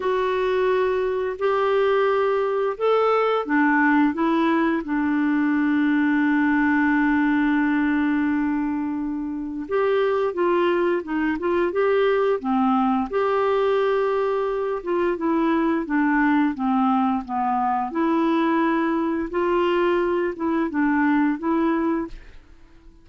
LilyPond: \new Staff \with { instrumentName = "clarinet" } { \time 4/4 \tempo 4 = 87 fis'2 g'2 | a'4 d'4 e'4 d'4~ | d'1~ | d'2 g'4 f'4 |
dis'8 f'8 g'4 c'4 g'4~ | g'4. f'8 e'4 d'4 | c'4 b4 e'2 | f'4. e'8 d'4 e'4 | }